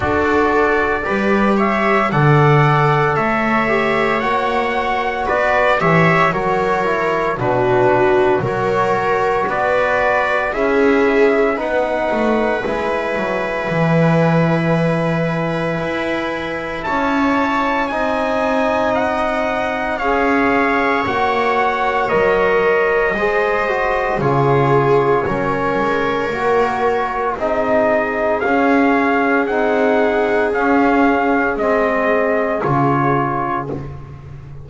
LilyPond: <<
  \new Staff \with { instrumentName = "trumpet" } { \time 4/4 \tempo 4 = 57 d''4. e''8 fis''4 e''4 | fis''4 d''8 e''8 cis''4 b'4 | cis''4 d''4 e''4 fis''4 | gis''1 |
a''4 gis''4 fis''4 f''4 | fis''4 dis''2 cis''4~ | cis''2 dis''4 f''4 | fis''4 f''4 dis''4 cis''4 | }
  \new Staff \with { instrumentName = "viola" } { \time 4/4 a'4 b'8 cis''8 d''4 cis''4~ | cis''4 b'8 cis''8 ais'4 fis'4 | ais'4 b'4 gis'4 b'4~ | b'1 |
cis''4 dis''2 cis''4~ | cis''2 c''4 gis'4 | ais'2 gis'2~ | gis'1 | }
  \new Staff \with { instrumentName = "trombone" } { \time 4/4 fis'4 g'4 a'4. g'8 | fis'4. g'8 fis'8 e'8 d'4 | fis'2 e'4 dis'4 | e'1~ |
e'4 dis'2 gis'4 | fis'4 ais'4 gis'8 fis'8 f'4 | cis'4 fis'4 dis'4 cis'4 | dis'4 cis'4 c'4 f'4 | }
  \new Staff \with { instrumentName = "double bass" } { \time 4/4 d'4 g4 d4 a4 | ais4 b8 e8 fis4 b,4 | fis4 b4 cis'4 b8 a8 | gis8 fis8 e2 e'4 |
cis'4 c'2 cis'4 | ais4 fis4 gis4 cis4 | fis8 gis8 ais4 c'4 cis'4 | c'4 cis'4 gis4 cis4 | }
>>